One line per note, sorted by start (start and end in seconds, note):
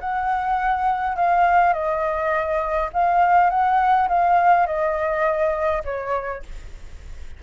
0.00 1.16 F#5
1.16 1.73 F5
1.73 2.89 D#5
2.93 3.50 F5
3.50 4.08 F#5
4.08 4.66 F5
4.66 5.83 D#5
5.84 6.43 C#5